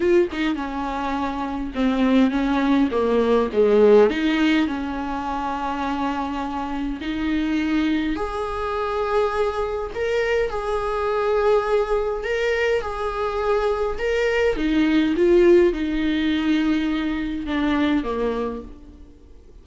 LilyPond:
\new Staff \with { instrumentName = "viola" } { \time 4/4 \tempo 4 = 103 f'8 dis'8 cis'2 c'4 | cis'4 ais4 gis4 dis'4 | cis'1 | dis'2 gis'2~ |
gis'4 ais'4 gis'2~ | gis'4 ais'4 gis'2 | ais'4 dis'4 f'4 dis'4~ | dis'2 d'4 ais4 | }